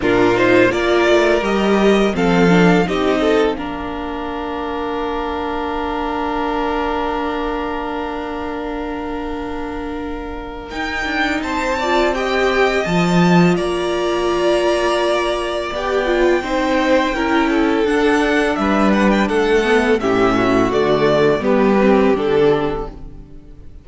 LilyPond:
<<
  \new Staff \with { instrumentName = "violin" } { \time 4/4 \tempo 4 = 84 ais'8 c''8 d''4 dis''4 f''4 | dis''4 f''2.~ | f''1~ | f''2. g''4 |
a''4 g''4 a''4 ais''4~ | ais''2 g''2~ | g''4 fis''4 e''8 fis''16 g''16 fis''4 | e''4 d''4 b'4 a'4 | }
  \new Staff \with { instrumentName = "violin" } { \time 4/4 f'4 ais'2 a'4 | g'8 a'8 ais'2.~ | ais'1~ | ais'1 |
c''8 d''8 dis''2 d''4~ | d''2. c''4 | ais'8 a'4. b'4 a'4 | g'8 fis'4. g'2 | }
  \new Staff \with { instrumentName = "viola" } { \time 4/4 d'8 dis'8 f'4 g'4 c'8 d'8 | dis'4 d'2.~ | d'1~ | d'2. dis'4~ |
dis'8 f'8 g'4 f'2~ | f'2 g'8 f'8 dis'4 | e'4 d'2~ d'8 b8 | cis'4 a4 b8 c'8 d'4 | }
  \new Staff \with { instrumentName = "cello" } { \time 4/4 ais,4 ais8 a8 g4 f4 | c'4 ais2.~ | ais1~ | ais2. dis'8 d'8 |
c'2 f4 ais4~ | ais2 b4 c'4 | cis'4 d'4 g4 a4 | a,4 d4 g4 d4 | }
>>